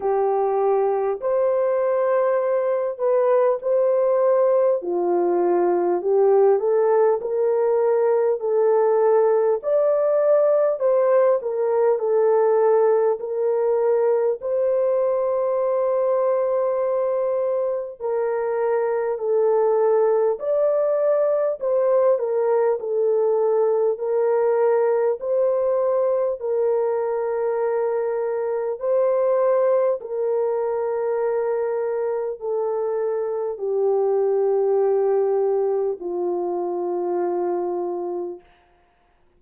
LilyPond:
\new Staff \with { instrumentName = "horn" } { \time 4/4 \tempo 4 = 50 g'4 c''4. b'8 c''4 | f'4 g'8 a'8 ais'4 a'4 | d''4 c''8 ais'8 a'4 ais'4 | c''2. ais'4 |
a'4 d''4 c''8 ais'8 a'4 | ais'4 c''4 ais'2 | c''4 ais'2 a'4 | g'2 f'2 | }